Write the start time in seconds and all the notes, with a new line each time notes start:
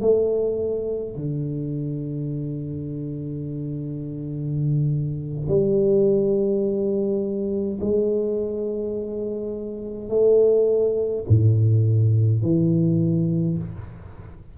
0.00 A3
1.15 D3
5.48 G3
7.80 G#3
10.09 A3
11.28 A2
12.42 E3